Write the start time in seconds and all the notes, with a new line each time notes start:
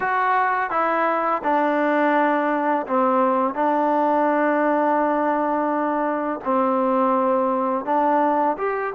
0.00 F#4
0.70 E4
1.43 D4
2.87 C4
3.54 D4
6.44 C4
7.85 D4
8.57 G4